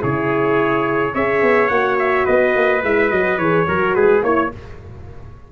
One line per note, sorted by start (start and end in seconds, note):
0.00 1.15 C#3
0.00 1.12 E4
0.00 1.14 G#4
0.00 1.15 C#5
1.14 1.42 C#4
1.14 1.70 G#4
1.14 2.25 C#5
1.14 1.68 E5
1.42 1.70 B3
1.68 2.26 A#3
1.68 2.82 F#4
1.68 1.96 F#5
1.99 2.27 E5
2.25 2.56 B3
2.25 3.65 B4
2.25 2.83 D#5
2.56 2.84 A#3
2.84 3.12 G#3
2.84 3.12 E4
2.84 3.11 E5
3.11 3.38 F#3
3.11 3.40 F#4
3.11 3.39 D#5
3.38 3.66 E3
3.38 3.67 G#4
3.38 3.95 C#5
3.67 3.96 F#3
3.67 4.23 F#4
3.67 3.96 A#4
3.95 4.23 G#3
3.95 4.24 G#4
3.95 4.23 B4
4.23 4.51 A#3
4.23 4.52 E4
4.23 4.51 C#5
4.23 4.52 C#5